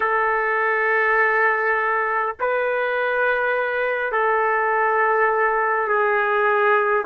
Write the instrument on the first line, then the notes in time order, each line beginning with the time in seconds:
trumpet
0.00 A4
2.40 B4
4.12 A4
5.88 G#4